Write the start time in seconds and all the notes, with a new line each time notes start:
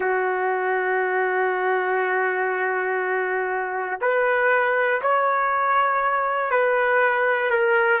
0.00 F#4
4.01 B4
5.01 C#5
6.50 B4
7.50 A#4